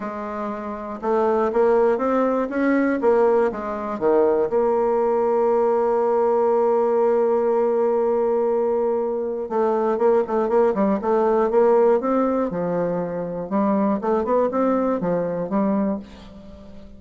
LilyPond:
\new Staff \with { instrumentName = "bassoon" } { \time 4/4 \tempo 4 = 120 gis2 a4 ais4 | c'4 cis'4 ais4 gis4 | dis4 ais2.~ | ais1~ |
ais2. a4 | ais8 a8 ais8 g8 a4 ais4 | c'4 f2 g4 | a8 b8 c'4 f4 g4 | }